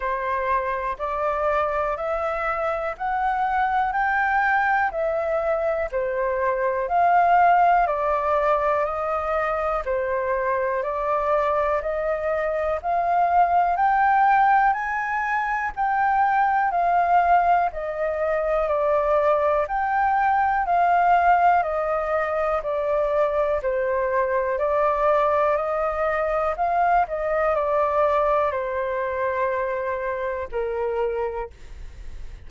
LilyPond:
\new Staff \with { instrumentName = "flute" } { \time 4/4 \tempo 4 = 61 c''4 d''4 e''4 fis''4 | g''4 e''4 c''4 f''4 | d''4 dis''4 c''4 d''4 | dis''4 f''4 g''4 gis''4 |
g''4 f''4 dis''4 d''4 | g''4 f''4 dis''4 d''4 | c''4 d''4 dis''4 f''8 dis''8 | d''4 c''2 ais'4 | }